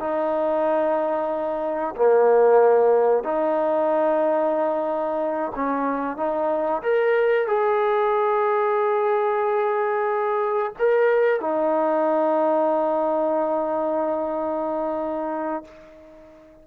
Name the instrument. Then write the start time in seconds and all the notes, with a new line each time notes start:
trombone
0.00 D#4
1.96 A#3
3.24 D#4
5.55 C#4
6.17 D#4
6.82 A#4
7.47 G#4
10.79 A#4
11.41 D#4